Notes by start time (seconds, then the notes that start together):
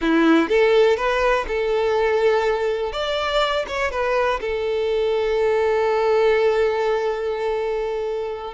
0.01 E4
0.48 A4
0.96 B4
1.47 A4
2.92 D5
3.67 C#5
3.91 B4
4.40 A4